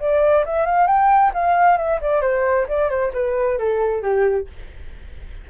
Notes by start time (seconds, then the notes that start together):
0.00 D5
0.46 E5
0.66 F5
0.87 G5
1.34 F5
1.78 E5
2.01 D5
2.22 C5
2.69 D5
2.90 C5
3.14 B4
3.58 A4
4.02 G4